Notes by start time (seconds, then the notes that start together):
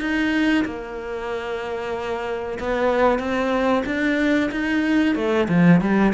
0.00 D#4
0.65 A#3
2.59 B3
3.19 C4
3.85 D4
4.51 D#4
5.16 A3
5.49 F3
5.81 G3